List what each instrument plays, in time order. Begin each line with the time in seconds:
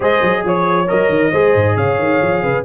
0.00 tuba G#3, trombone G#4, horn C5, trumpet D#5
0.22 tuba F#3
0.44 tuba F3, horn C#5, trumpet C#5
0.87 tuba F#3, trombone A#4, trumpet D#5
1.09 tuba D#3
1.31 tuba G#3, trombone G#4, horn C5
1.55 tuba G#2
1.76 tuba C#3, horn C#5, trumpet F5
1.98 tuba D#3
2.22 tuba F3
2.43 tuba C#3, horn B4